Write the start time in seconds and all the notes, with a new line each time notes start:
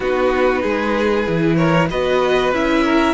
0.00 B3 D#4 F#4 B4
0.61 G#3 G#4
1.26 E3 E4
1.56 A#4 C#5
1.90 B3 F#4 B4 D#5
2.52 C#4 E4 E5
2.84 A#4